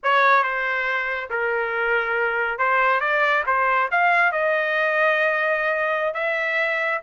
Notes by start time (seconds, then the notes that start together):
0.03 C#5
0.43 C5
1.30 A#4
2.58 C5
3.00 D5
3.46 C5
3.91 F5
4.31 D#5
6.14 E5